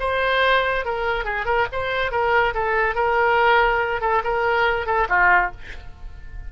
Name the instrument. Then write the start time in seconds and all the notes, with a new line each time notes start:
oboe
0.00 C5
0.85 A#4
1.25 G#4
1.46 A#4
1.72 C5
2.12 A#4
2.55 A4
2.95 A#4
4.01 A4
4.24 A#4
4.86 A4
5.09 F4